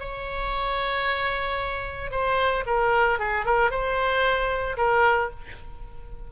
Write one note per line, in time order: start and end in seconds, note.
0.00 2.11 C#5
2.11 2.64 C5
2.66 3.19 A#4
3.19 3.45 G#4
3.45 3.70 A#4
3.70 4.77 C5
4.77 5.30 A#4